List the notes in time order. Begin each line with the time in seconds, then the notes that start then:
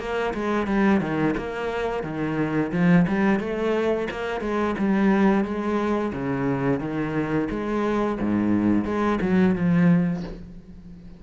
0.00 A#3
0.35 G#3
0.68 G3
1.01 D#3
1.38 A#3
2.04 D#3
2.72 F3
3.08 G3
3.40 A3
4.11 A#3
4.41 G#3
4.79 G3
5.45 G#3
6.14 C#3
6.81 D#3
7.51 G#3
8.21 G#2
8.85 G#3
9.22 F#3
9.55 F3